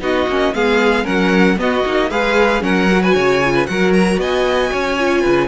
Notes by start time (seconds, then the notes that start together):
0.00 B3 D#4 F#4 D#5
0.27 A#3 C#4
0.54 G#3 B3 G#4 F5
1.04 F#3 C#4 A#4 F#5
1.58 B3 F#4 D#5
1.85 A#3 D#4
2.10 G#3 G#4 B4 F5
2.61 F#3 C#4 A#4 F#5
2.91 F#4
3.02 B4 G#5
3.14 C#3 C#5
3.44 F4
3.54 B4
3.66 F#3 F#4 A#4 F#5
3.93 A#5
4.18 B3 D#5 G#5
4.72 C#4 C#5
4.99 F4
5.21 C#3 B4